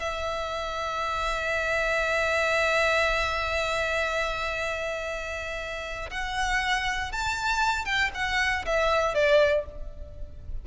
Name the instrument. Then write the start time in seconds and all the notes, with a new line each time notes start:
violin
0.00 E5
6.11 F#5
7.12 A5
7.85 G5
8.15 F#5
8.66 E5
9.15 D5